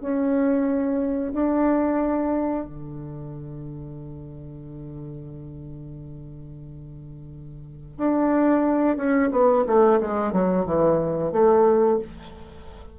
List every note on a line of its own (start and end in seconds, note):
0.00 1.32 C#4
1.32 2.64 D4
2.64 7.97 D3
7.97 8.96 D4
8.96 9.30 C#4
9.31 9.64 B3
9.66 10.00 A3
10.00 10.32 G#3
10.32 10.65 F#3
10.65 11.32 E3
11.32 11.98 A3